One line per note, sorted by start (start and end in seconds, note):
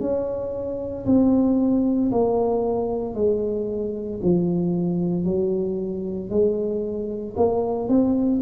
0.00 1.05 C#4
1.06 2.11 C4
2.11 3.15 A#3
3.15 4.20 G#3
4.23 5.24 F3
5.24 6.30 F#3
6.30 7.35 G#3
7.36 7.89 A#3
7.89 8.41 C4